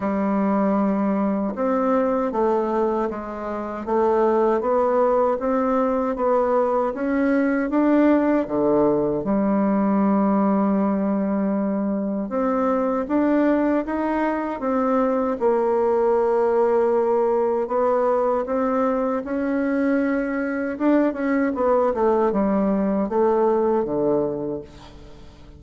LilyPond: \new Staff \with { instrumentName = "bassoon" } { \time 4/4 \tempo 4 = 78 g2 c'4 a4 | gis4 a4 b4 c'4 | b4 cis'4 d'4 d4 | g1 |
c'4 d'4 dis'4 c'4 | ais2. b4 | c'4 cis'2 d'8 cis'8 | b8 a8 g4 a4 d4 | }